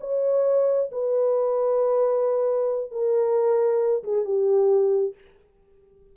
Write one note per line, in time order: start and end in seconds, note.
0.00 0.90 C#5
0.91 2.91 B4
2.91 4.03 A#4
4.03 4.24 G#4
4.24 5.14 G4